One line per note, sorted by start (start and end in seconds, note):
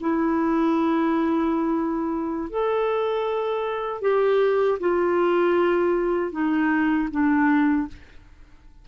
0.00 2.50 E4
2.50 4.01 A4
4.01 4.78 G4
4.80 6.31 F4
6.31 7.08 D#4
7.10 7.87 D4